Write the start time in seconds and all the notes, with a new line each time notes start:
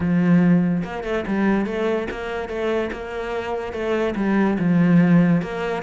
0.00 F3
0.84 A#3
1.03 A3
1.27 G3
1.66 A3
2.10 A#3
2.48 A3
2.91 A#3
3.73 A3
4.15 G3
4.59 F3
5.41 A#3